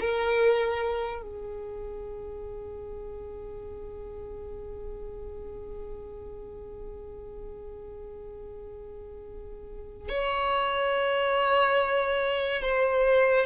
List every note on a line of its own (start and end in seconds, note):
0.00 1.22 A#4
1.22 10.09 G#4
10.09 12.62 C#5
12.62 13.46 C5